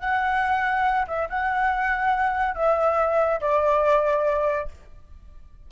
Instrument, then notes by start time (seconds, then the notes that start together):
flute
0.00 F#5
1.08 E5
1.30 F#5
2.56 E5
3.41 D5